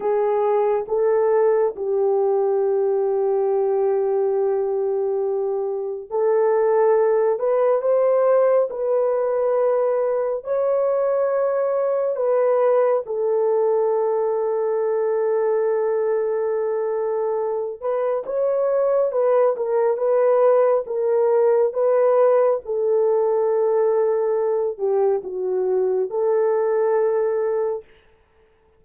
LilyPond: \new Staff \with { instrumentName = "horn" } { \time 4/4 \tempo 4 = 69 gis'4 a'4 g'2~ | g'2. a'4~ | a'8 b'8 c''4 b'2 | cis''2 b'4 a'4~ |
a'1~ | a'8 b'8 cis''4 b'8 ais'8 b'4 | ais'4 b'4 a'2~ | a'8 g'8 fis'4 a'2 | }